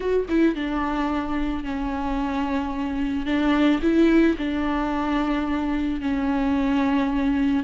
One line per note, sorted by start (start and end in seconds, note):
0.00 0.26 F#4
0.29 0.55 E4
0.55 1.63 D4
1.63 3.26 C#4
3.26 3.80 D4
3.82 4.36 E4
4.37 6.00 D4
6.00 7.63 C#4